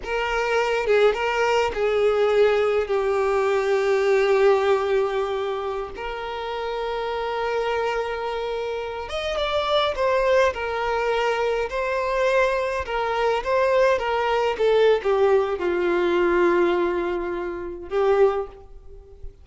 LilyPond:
\new Staff \with { instrumentName = "violin" } { \time 4/4 \tempo 4 = 104 ais'4. gis'8 ais'4 gis'4~ | gis'4 g'2.~ | g'2~ g'16 ais'4.~ ais'16~ | ais'2.~ ais'8. dis''16~ |
dis''16 d''4 c''4 ais'4.~ ais'16~ | ais'16 c''2 ais'4 c''8.~ | c''16 ais'4 a'8. g'4 f'4~ | f'2. g'4 | }